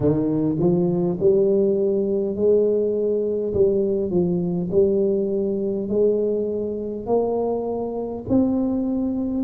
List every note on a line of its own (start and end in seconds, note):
0.00 0.56 D#3
0.59 1.18 F3
1.20 2.35 G3
2.35 3.53 G#3
3.53 4.10 G3
4.10 4.68 F3
4.71 5.88 G3
5.88 7.06 G#3
7.06 8.24 A#3
8.28 9.43 C4